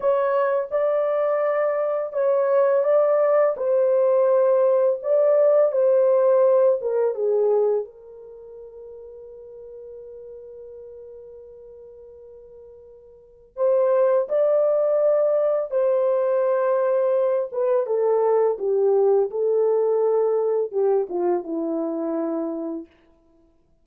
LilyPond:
\new Staff \with { instrumentName = "horn" } { \time 4/4 \tempo 4 = 84 cis''4 d''2 cis''4 | d''4 c''2 d''4 | c''4. ais'8 gis'4 ais'4~ | ais'1~ |
ais'2. c''4 | d''2 c''2~ | c''8 b'8 a'4 g'4 a'4~ | a'4 g'8 f'8 e'2 | }